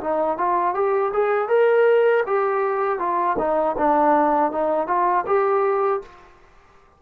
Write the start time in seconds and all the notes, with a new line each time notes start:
0.00 D#4
0.37 F4
0.74 G4
1.13 G#4
1.48 A#4
2.26 G4
2.99 F4
3.38 D#4
3.77 D4
4.51 D#4
4.87 F4
5.26 G4